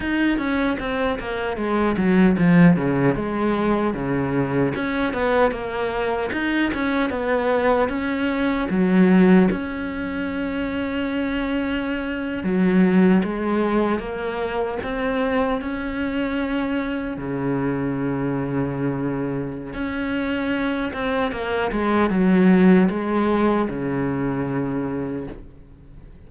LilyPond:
\new Staff \with { instrumentName = "cello" } { \time 4/4 \tempo 4 = 76 dis'8 cis'8 c'8 ais8 gis8 fis8 f8 cis8 | gis4 cis4 cis'8 b8 ais4 | dis'8 cis'8 b4 cis'4 fis4 | cis'2.~ cis'8. fis16~ |
fis8. gis4 ais4 c'4 cis'16~ | cis'4.~ cis'16 cis2~ cis16~ | cis4 cis'4. c'8 ais8 gis8 | fis4 gis4 cis2 | }